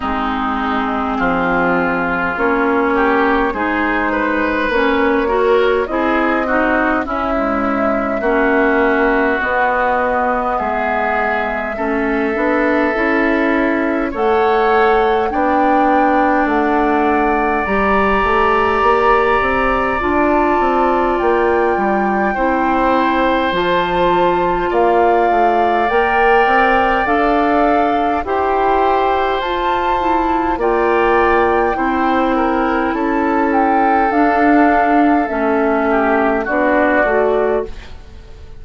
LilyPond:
<<
  \new Staff \with { instrumentName = "flute" } { \time 4/4 \tempo 4 = 51 gis'2 cis''4 c''4 | cis''4 dis''4 e''2 | dis''4 e''2. | fis''4 g''4 fis''4 ais''4~ |
ais''4 a''4 g''2 | a''4 f''4 g''4 f''4 | g''4 a''4 g''2 | a''8 g''8 f''4 e''4 d''4 | }
  \new Staff \with { instrumentName = "oboe" } { \time 4/4 dis'4 f'4. g'8 gis'8 b'8~ | b'8 ais'8 gis'8 fis'8 e'4 fis'4~ | fis'4 gis'4 a'2 | cis''4 d''2.~ |
d''2. c''4~ | c''4 d''2. | c''2 d''4 c''8 ais'8 | a'2~ a'8 g'8 fis'4 | }
  \new Staff \with { instrumentName = "clarinet" } { \time 4/4 c'2 cis'4 dis'4 | cis'8 fis'8 e'8 dis'8 cis'16 gis8. cis'4 | b2 cis'8 d'8 e'4 | a'4 d'2 g'4~ |
g'4 f'2 e'4 | f'2 ais'4 a'4 | g'4 f'8 e'8 f'4 e'4~ | e'4 d'4 cis'4 d'8 fis'8 | }
  \new Staff \with { instrumentName = "bassoon" } { \time 4/4 gis4 f4 ais4 gis4 | ais4 c'4 cis'4 ais4 | b4 gis4 a8 b8 cis'4 | a4 b4 a4 g8 a8 |
ais8 c'8 d'8 c'8 ais8 g8 c'4 | f4 ais8 a8 ais8 c'8 d'4 | e'4 f'4 ais4 c'4 | cis'4 d'4 a4 b8 a8 | }
>>